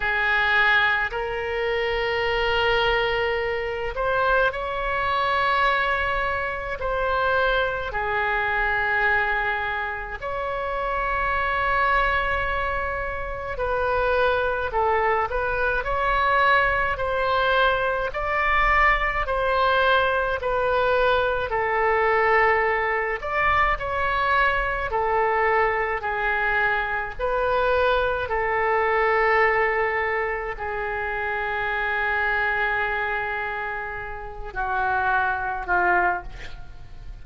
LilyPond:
\new Staff \with { instrumentName = "oboe" } { \time 4/4 \tempo 4 = 53 gis'4 ais'2~ ais'8 c''8 | cis''2 c''4 gis'4~ | gis'4 cis''2. | b'4 a'8 b'8 cis''4 c''4 |
d''4 c''4 b'4 a'4~ | a'8 d''8 cis''4 a'4 gis'4 | b'4 a'2 gis'4~ | gis'2~ gis'8 fis'4 f'8 | }